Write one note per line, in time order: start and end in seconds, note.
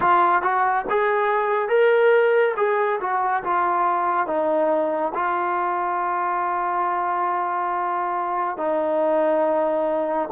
0.00 0.41 F4
0.41 0.84 F#4
0.89 1.69 G#4
1.69 2.54 A#4
2.56 2.99 G#4
3.00 3.43 F#4
3.43 4.26 F4
4.26 5.12 D#4
5.14 8.57 F4
8.57 10.28 D#4